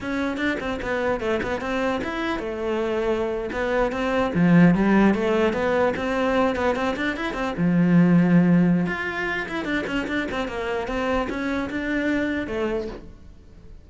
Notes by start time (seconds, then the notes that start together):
0.00 C#4
0.37 D4
0.59 C4
0.82 B3
1.20 A3
1.43 B3
1.60 C4
2.03 E4
2.39 A3
3.52 B3
3.92 C4
4.34 F3
4.75 G3
5.14 A3
5.53 B3
5.96 C4
6.55 B3
6.75 C4
6.96 D4
7.16 E4
7.33 C4
7.57 F3
8.86 F4
9.48 E4
9.64 D4
9.87 C#4
10.07 D4
10.31 C4
10.48 A#3
10.87 C4
11.29 C#4
11.70 D4
12.47 A3